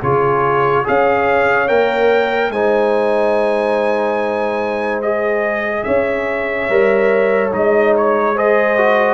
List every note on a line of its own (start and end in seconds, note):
0.00 0.86 C#3
0.00 0.84 F4
0.00 0.83 G#4
0.00 0.86 C#5
0.84 1.70 C#4
0.84 1.68 G#4
0.84 2.52 C#5
0.84 1.68 F5
1.68 2.50 A#3
1.68 2.51 A#4
1.68 2.51 G5
2.50 5.83 G#3
2.50 5.03 D#4
2.50 5.85 C5
2.50 5.02 G#5
5.02 6.70 G#4
5.02 5.84 D#5
5.84 6.69 C#4
5.84 8.35 C#5
5.84 7.50 E5
6.69 7.53 G3
6.69 7.52 A#4
7.52 9.14 G#3
7.52 8.35 D#4
7.52 7.95 D#5
7.97 8.38 C#5
8.35 8.78 G#4
8.35 9.14 C5
8.35 9.14 D#5
8.78 9.14 F#4